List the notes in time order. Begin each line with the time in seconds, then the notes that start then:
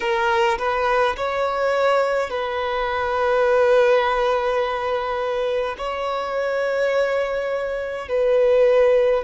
0.00 A#4
0.58 B4
1.16 C#5
2.30 B4
5.77 C#5
8.08 B4